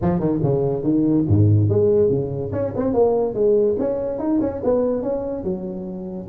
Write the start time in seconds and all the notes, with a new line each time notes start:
0.01 F3
0.19 D#3
0.42 C#3
0.83 D#3
1.28 G#2
1.69 G#3
2.09 C#3
2.52 C#4
2.75 C4
2.93 A#3
3.34 G#3
3.79 C#4
4.18 D#4
4.40 C#4
4.63 B3
5.02 C#4
5.43 F#3